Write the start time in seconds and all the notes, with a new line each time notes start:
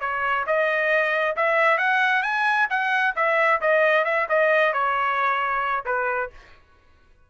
0.00 C#5
0.46 D#5
1.36 E5
1.78 F#5
2.22 G#5
2.70 F#5
3.16 E5
3.61 D#5
4.05 E5
4.29 D#5
4.73 C#5
5.85 B4